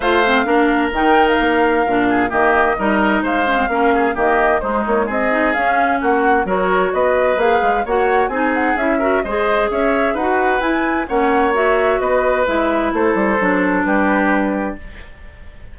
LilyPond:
<<
  \new Staff \with { instrumentName = "flute" } { \time 4/4 \tempo 4 = 130 f''2 g''8. f''4~ f''16~ | f''4 dis''2 f''4~ | f''4 dis''4 c''8 cis''8 dis''4 | f''4 fis''4 cis''4 dis''4 |
f''4 fis''4 gis''8 fis''8 e''4 | dis''4 e''4 fis''4 gis''4 | fis''4 e''4 dis''4 e''4 | c''2 b'2 | }
  \new Staff \with { instrumentName = "oboe" } { \time 4/4 c''4 ais'2.~ | ais'8 gis'8 g'4 ais'4 c''4 | ais'8 gis'8 g'4 dis'4 gis'4~ | gis'4 fis'4 ais'4 b'4~ |
b'4 cis''4 gis'4. ais'8 | c''4 cis''4 b'2 | cis''2 b'2 | a'2 g'2 | }
  \new Staff \with { instrumentName = "clarinet" } { \time 4/4 f'8 c'8 d'4 dis'2 | d'4 ais4 dis'4. cis'16 c'16 | cis'4 ais4 gis4. dis'8 | cis'2 fis'2 |
gis'4 fis'4 dis'4 e'8 fis'8 | gis'2 fis'4 e'4 | cis'4 fis'2 e'4~ | e'4 d'2. | }
  \new Staff \with { instrumentName = "bassoon" } { \time 4/4 a4 ais4 dis4 ais4 | ais,4 dis4 g4 gis4 | ais4 dis4 gis8 ais8 c'4 | cis'4 ais4 fis4 b4 |
ais8 gis8 ais4 c'4 cis'4 | gis4 cis'4 dis'4 e'4 | ais2 b4 gis4 | a8 g8 fis4 g2 | }
>>